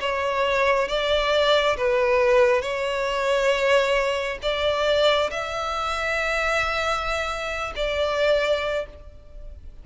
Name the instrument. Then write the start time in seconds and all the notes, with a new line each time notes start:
violin
0.00 C#5
0.88 D5
1.77 B4
2.61 C#5
4.42 D5
5.31 E5
7.76 D5